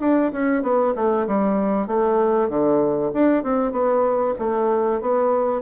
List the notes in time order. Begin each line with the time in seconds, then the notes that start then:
0.00 D4
0.32 C#4
0.63 B3
0.95 A3
1.27 G3
1.87 A3
2.49 D3
3.13 D4
3.43 C4
3.72 B3
4.39 A3
5.01 B3